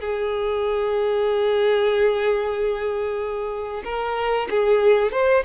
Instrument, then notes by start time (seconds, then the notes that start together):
violin
0.00 G#4
3.84 A#4
4.50 G#4
5.12 C5